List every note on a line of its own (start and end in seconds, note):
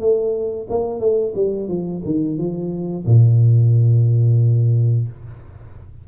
0.00 0.67 A3
0.70 1.00 A#3
1.00 1.34 A3
1.35 1.69 G3
1.69 2.02 F3
2.05 2.38 D#3
2.38 3.06 F3
3.06 5.08 A#2